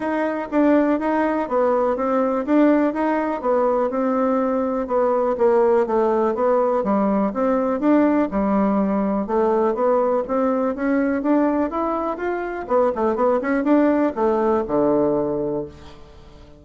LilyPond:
\new Staff \with { instrumentName = "bassoon" } { \time 4/4 \tempo 4 = 123 dis'4 d'4 dis'4 b4 | c'4 d'4 dis'4 b4 | c'2 b4 ais4 | a4 b4 g4 c'4 |
d'4 g2 a4 | b4 c'4 cis'4 d'4 | e'4 f'4 b8 a8 b8 cis'8 | d'4 a4 d2 | }